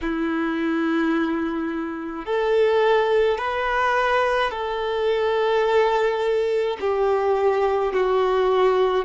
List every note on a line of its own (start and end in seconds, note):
0.01 2.25 E4
2.25 3.38 A4
3.38 4.50 B4
4.50 6.77 A4
6.80 7.93 G4
7.93 9.04 F#4